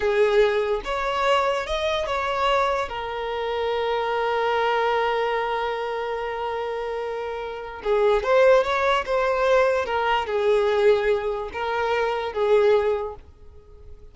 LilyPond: \new Staff \with { instrumentName = "violin" } { \time 4/4 \tempo 4 = 146 gis'2 cis''2 | dis''4 cis''2 ais'4~ | ais'1~ | ais'1~ |
ais'2. gis'4 | c''4 cis''4 c''2 | ais'4 gis'2. | ais'2 gis'2 | }